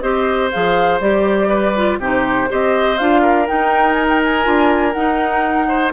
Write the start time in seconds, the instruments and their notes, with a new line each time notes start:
0.00 bassoon C4, clarinet G4, oboe C5, flute D#5
0.51 bassoon F3, clarinet G#4, flute F5
1.00 bassoon G3, clarinet G4, flute D5
1.49 oboe B4
1.75 clarinet F4
1.98 bassoon C3, clarinet D#4, oboe G4, flute C5
2.48 bassoon C4, clarinet G4, oboe C5, flute D#5
2.97 bassoon D4, clarinet F4, flute F5
3.21 oboe A#4
3.46 clarinet D#4, bassoon D#4, flute G5
3.93 flute G#5
4.09 flute G5
4.24 flute G#5
4.43 bassoon D4, clarinet F4
4.92 bassoon D#4, clarinet D#4, flute F#5
5.68 oboe C5